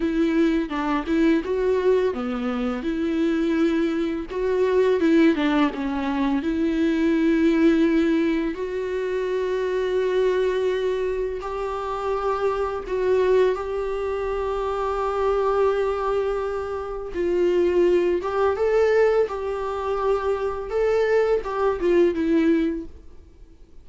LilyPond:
\new Staff \with { instrumentName = "viola" } { \time 4/4 \tempo 4 = 84 e'4 d'8 e'8 fis'4 b4 | e'2 fis'4 e'8 d'8 | cis'4 e'2. | fis'1 |
g'2 fis'4 g'4~ | g'1 | f'4. g'8 a'4 g'4~ | g'4 a'4 g'8 f'8 e'4 | }